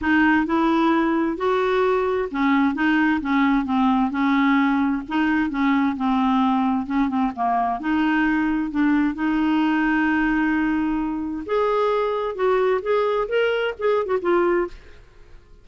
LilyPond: \new Staff \with { instrumentName = "clarinet" } { \time 4/4 \tempo 4 = 131 dis'4 e'2 fis'4~ | fis'4 cis'4 dis'4 cis'4 | c'4 cis'2 dis'4 | cis'4 c'2 cis'8 c'8 |
ais4 dis'2 d'4 | dis'1~ | dis'4 gis'2 fis'4 | gis'4 ais'4 gis'8. fis'16 f'4 | }